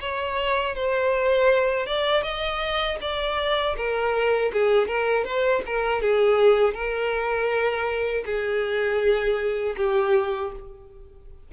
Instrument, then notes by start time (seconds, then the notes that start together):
violin
0.00 C#5
0.75 C5
1.86 D5
2.23 D#5
3.01 D5
3.76 A#4
4.52 G#4
4.87 A#4
5.24 C5
5.66 A#4
6.01 G#4
6.74 A#4
8.25 G#4
9.77 G4